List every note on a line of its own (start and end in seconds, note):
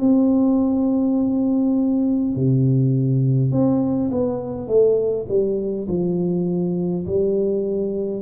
0.00 2.35 C4
2.35 3.52 C3
3.52 4.11 C4
4.11 4.68 B3
4.68 5.27 A3
5.29 5.88 G3
5.88 7.06 F3
7.06 8.22 G3